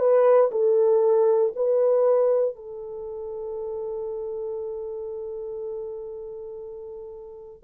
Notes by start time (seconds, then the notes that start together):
0.00 B4
0.52 A4
1.56 B4
2.56 A4